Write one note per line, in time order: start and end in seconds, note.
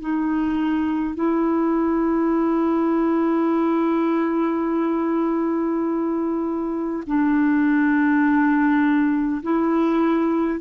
0.00 1.15 D#4
1.15 7.03 E4
7.06 9.42 D4
9.42 10.60 E4